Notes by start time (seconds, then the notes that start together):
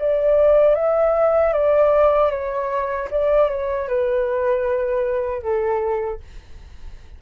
0.00 D5
0.75 E5
1.53 D5
2.31 C#5
3.11 D5
3.50 C#5
3.89 B4
5.42 A4